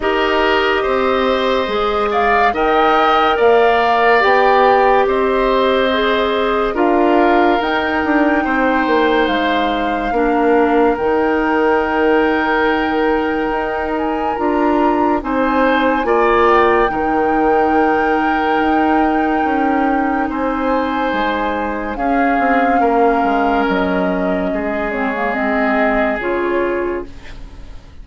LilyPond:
<<
  \new Staff \with { instrumentName = "flute" } { \time 4/4 \tempo 4 = 71 dis''2~ dis''8 f''8 g''4 | f''4 g''4 dis''2 | f''4 g''2 f''4~ | f''4 g''2.~ |
g''8 gis''8 ais''4 gis''4. g''8~ | g''1 | gis''2 f''2 | dis''4. cis''8 dis''4 cis''4 | }
  \new Staff \with { instrumentName = "oboe" } { \time 4/4 ais'4 c''4. d''8 dis''4 | d''2 c''2 | ais'2 c''2 | ais'1~ |
ais'2 c''4 d''4 | ais'1 | c''2 gis'4 ais'4~ | ais'4 gis'2. | }
  \new Staff \with { instrumentName = "clarinet" } { \time 4/4 g'2 gis'4 ais'4~ | ais'4 g'2 gis'4 | f'4 dis'2. | d'4 dis'2.~ |
dis'4 f'4 dis'4 f'4 | dis'1~ | dis'2 cis'2~ | cis'4. c'16 ais16 c'4 f'4 | }
  \new Staff \with { instrumentName = "bassoon" } { \time 4/4 dis'4 c'4 gis4 dis'4 | ais4 b4 c'2 | d'4 dis'8 d'8 c'8 ais8 gis4 | ais4 dis2. |
dis'4 d'4 c'4 ais4 | dis2 dis'4 cis'4 | c'4 gis4 cis'8 c'8 ais8 gis8 | fis4 gis2 cis4 | }
>>